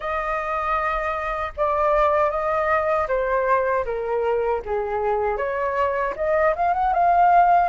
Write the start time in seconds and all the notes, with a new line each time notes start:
0.00 D#5
1.57 D5
2.30 D#5
3.08 C5
3.85 A#4
4.65 G#4
5.37 C#5
6.16 D#5
6.55 F5
6.73 F#5
6.93 F5